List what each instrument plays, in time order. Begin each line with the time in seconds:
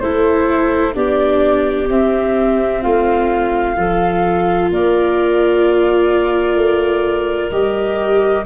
0.00 tuba A3, viola E4, clarinet A4, flute C5
0.94 tuba B3, viola D4, clarinet G4, flute D5
1.89 tuba C4, viola C4, flute E5
2.82 tuba A3, clarinet F4, flute F5
3.76 tuba F3, viola F4, clarinet A4
4.70 tuba A#3, clarinet A#4, flute D5
6.55 tuba A3
7.51 tuba G3, viola G4, flute D#5